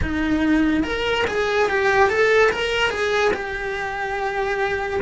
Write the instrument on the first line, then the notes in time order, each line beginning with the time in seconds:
cello
0.02 D#4
0.83 A#4
1.27 G#4
1.69 G4
2.09 A4
2.52 A#4
2.89 G#4
3.33 G4